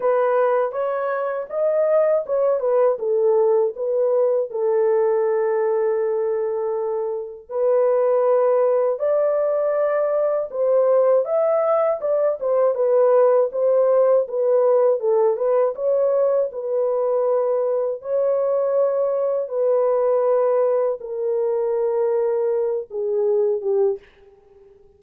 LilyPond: \new Staff \with { instrumentName = "horn" } { \time 4/4 \tempo 4 = 80 b'4 cis''4 dis''4 cis''8 b'8 | a'4 b'4 a'2~ | a'2 b'2 | d''2 c''4 e''4 |
d''8 c''8 b'4 c''4 b'4 | a'8 b'8 cis''4 b'2 | cis''2 b'2 | ais'2~ ais'8 gis'4 g'8 | }